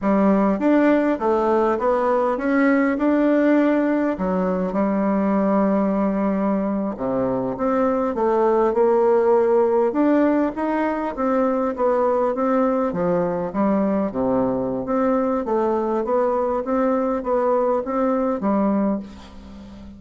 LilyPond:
\new Staff \with { instrumentName = "bassoon" } { \time 4/4 \tempo 4 = 101 g4 d'4 a4 b4 | cis'4 d'2 fis4 | g2.~ g8. c16~ | c8. c'4 a4 ais4~ ais16~ |
ais8. d'4 dis'4 c'4 b16~ | b8. c'4 f4 g4 c16~ | c4 c'4 a4 b4 | c'4 b4 c'4 g4 | }